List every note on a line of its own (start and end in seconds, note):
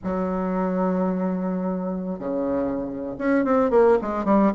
0.03 2.19 F#3
2.19 3.15 C#3
3.18 3.44 C#4
3.44 3.70 C4
3.70 3.98 A#3
4.01 4.24 G#3
4.24 4.52 G3